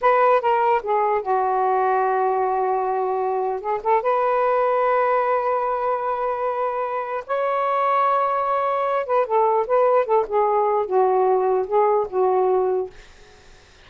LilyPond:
\new Staff \with { instrumentName = "saxophone" } { \time 4/4 \tempo 4 = 149 b'4 ais'4 gis'4 fis'4~ | fis'1~ | fis'4 gis'8 a'8 b'2~ | b'1~ |
b'2 cis''2~ | cis''2~ cis''8 b'8 a'4 | b'4 a'8 gis'4. fis'4~ | fis'4 gis'4 fis'2 | }